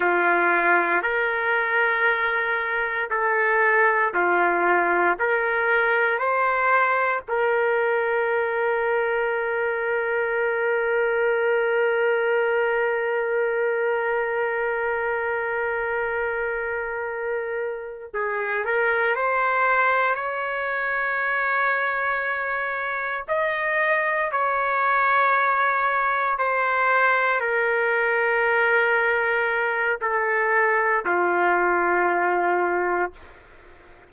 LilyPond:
\new Staff \with { instrumentName = "trumpet" } { \time 4/4 \tempo 4 = 58 f'4 ais'2 a'4 | f'4 ais'4 c''4 ais'4~ | ais'1~ | ais'1~ |
ais'4. gis'8 ais'8 c''4 cis''8~ | cis''2~ cis''8 dis''4 cis''8~ | cis''4. c''4 ais'4.~ | ais'4 a'4 f'2 | }